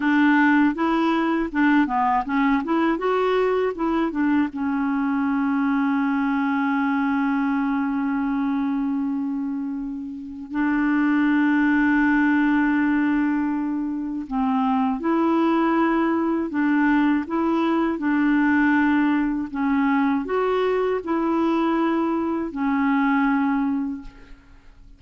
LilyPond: \new Staff \with { instrumentName = "clarinet" } { \time 4/4 \tempo 4 = 80 d'4 e'4 d'8 b8 cis'8 e'8 | fis'4 e'8 d'8 cis'2~ | cis'1~ | cis'2 d'2~ |
d'2. c'4 | e'2 d'4 e'4 | d'2 cis'4 fis'4 | e'2 cis'2 | }